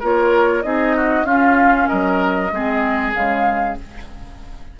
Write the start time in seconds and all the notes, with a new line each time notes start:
0.00 A#3 F4 A#4 C#5
0.63 C4 D#4 G#4 D#5
0.97 F#4
1.24 C#4 F4 F5
1.88 F#3 A#4 D#5
2.51 G#3 C4 G#4
3.14 C#3 G#3 F5